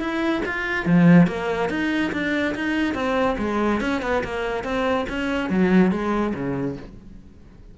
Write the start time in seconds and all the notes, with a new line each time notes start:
0.00 E4
0.45 F4
0.86 F3
1.27 A#3
1.69 D#4
2.12 D4
2.55 D#4
2.94 C4
3.38 G#3
3.80 C#4
4.02 B3
4.24 A#3
4.63 C4
5.09 C#4
5.50 F#3
5.91 G#3
6.34 C#3